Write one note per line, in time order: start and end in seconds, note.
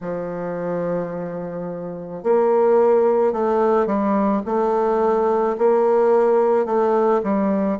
0.01 2.23 F3
2.23 3.32 A#3
3.32 3.86 A3
3.86 4.41 G3
4.45 5.56 A3
5.58 6.65 A#3
6.65 7.21 A3
7.23 7.78 G3